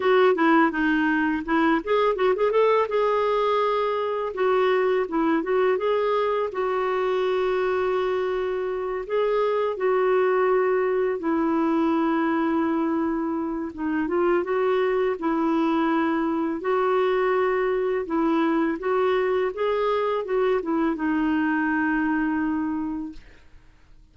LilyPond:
\new Staff \with { instrumentName = "clarinet" } { \time 4/4 \tempo 4 = 83 fis'8 e'8 dis'4 e'8 gis'8 fis'16 gis'16 a'8 | gis'2 fis'4 e'8 fis'8 | gis'4 fis'2.~ | fis'8 gis'4 fis'2 e'8~ |
e'2. dis'8 f'8 | fis'4 e'2 fis'4~ | fis'4 e'4 fis'4 gis'4 | fis'8 e'8 dis'2. | }